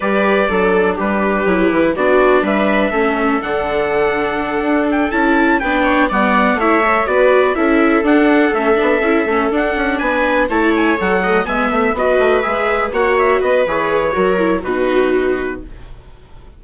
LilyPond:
<<
  \new Staff \with { instrumentName = "trumpet" } { \time 4/4 \tempo 4 = 123 d''2 b'2 | d''4 e''2 fis''4~ | fis''2 g''8 a''4 g''8~ | g''8 fis''4 e''4 d''4 e''8~ |
e''8 fis''4 e''2 fis''8~ | fis''8 gis''4 a''8 gis''8 fis''4 gis''8 | e''8 dis''4 e''4 fis''8 e''8 dis''8 | cis''2 b'2 | }
  \new Staff \with { instrumentName = "viola" } { \time 4/4 b'4 a'4 g'2 | fis'4 b'4 a'2~ | a'2.~ a'8 b'8 | cis''8 d''4 cis''4 b'4 a'8~ |
a'1~ | a'8 b'4 cis''4. dis''8 e''8~ | e''8 b'2 cis''4 b'8~ | b'4 ais'4 fis'2 | }
  \new Staff \with { instrumentName = "viola" } { \time 4/4 g'4 d'2 e'4 | d'2 cis'4 d'4~ | d'2~ d'8 e'4 d'8~ | d'8 b4 e'8 a'8 fis'4 e'8~ |
e'8 d'4 cis'8 d'8 e'8 cis'8 d'8~ | d'4. e'4 a'8 a8 b8~ | b8 fis'4 gis'4 fis'4. | gis'4 fis'8 e'8 dis'2 | }
  \new Staff \with { instrumentName = "bassoon" } { \time 4/4 g4 fis4 g4 fis8 e8 | b4 g4 a4 d4~ | d4. d'4 cis'4 b8~ | b8 g4 a4 b4 cis'8~ |
cis'8 d'4 a8 b8 cis'8 a8 d'8 | cis'8 b4 a4 fis4 gis8 | a8 b8 a8 gis4 ais4 b8 | e4 fis4 b,2 | }
>>